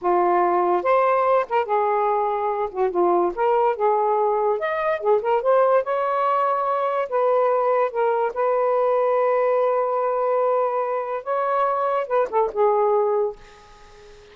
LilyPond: \new Staff \with { instrumentName = "saxophone" } { \time 4/4 \tempo 4 = 144 f'2 c''4. ais'8 | gis'2~ gis'8 fis'8 f'4 | ais'4 gis'2 dis''4 | gis'8 ais'8 c''4 cis''2~ |
cis''4 b'2 ais'4 | b'1~ | b'2. cis''4~ | cis''4 b'8 a'8 gis'2 | }